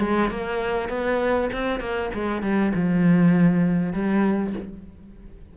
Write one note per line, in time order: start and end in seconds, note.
0.00 0.30 G#3
0.30 0.89 A#3
0.89 1.50 B3
1.53 1.80 C4
1.80 2.10 A#3
2.14 2.42 G#3
2.42 2.72 G3
2.75 3.93 F3
3.93 4.53 G3